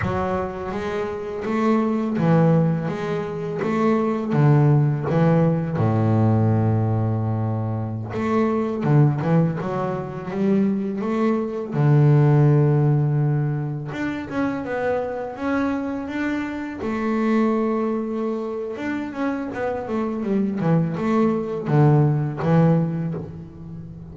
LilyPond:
\new Staff \with { instrumentName = "double bass" } { \time 4/4 \tempo 4 = 83 fis4 gis4 a4 e4 | gis4 a4 d4 e4 | a,2.~ a,16 a8.~ | a16 d8 e8 fis4 g4 a8.~ |
a16 d2. d'8 cis'16~ | cis'16 b4 cis'4 d'4 a8.~ | a2 d'8 cis'8 b8 a8 | g8 e8 a4 d4 e4 | }